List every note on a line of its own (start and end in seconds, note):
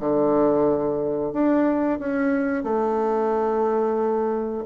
0.00 1.33 D3
1.33 1.99 D4
1.99 2.64 C#4
2.64 4.64 A3